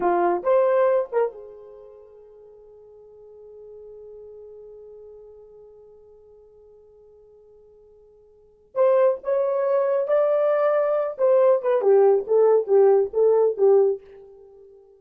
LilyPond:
\new Staff \with { instrumentName = "horn" } { \time 4/4 \tempo 4 = 137 f'4 c''4. ais'8 gis'4~ | gis'1~ | gis'1~ | gis'1~ |
gis'1 | c''4 cis''2 d''4~ | d''4. c''4 b'8 g'4 | a'4 g'4 a'4 g'4 | }